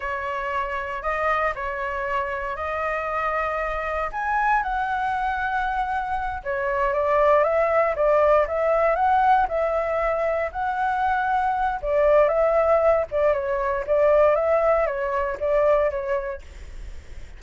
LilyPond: \new Staff \with { instrumentName = "flute" } { \time 4/4 \tempo 4 = 117 cis''2 dis''4 cis''4~ | cis''4 dis''2. | gis''4 fis''2.~ | fis''8 cis''4 d''4 e''4 d''8~ |
d''8 e''4 fis''4 e''4.~ | e''8 fis''2~ fis''8 d''4 | e''4. d''8 cis''4 d''4 | e''4 cis''4 d''4 cis''4 | }